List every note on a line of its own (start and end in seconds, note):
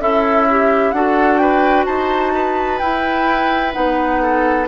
0.00 0.92 C#4
0.00 0.95 E4
0.00 0.47 A4
0.00 0.91 E5
0.49 0.94 G4
0.91 1.86 D4
0.91 2.81 F#4
0.91 1.40 A4
0.91 1.37 F#5
1.37 1.86 B4
1.37 1.84 G5
1.85 2.81 D#4
1.85 2.32 C5
1.85 2.78 A5
2.34 4.21 B4
2.78 3.72 E4
2.78 3.75 E4
2.78 3.72 G5
3.72 4.68 B3
3.72 4.66 D#4
3.72 4.66 F#5
4.21 4.68 A4